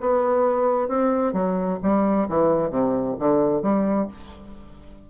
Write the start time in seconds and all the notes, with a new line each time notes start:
0.00 B3
0.88 C4
1.33 F#3
1.82 G3
2.28 E3
2.70 C3
3.19 D3
3.62 G3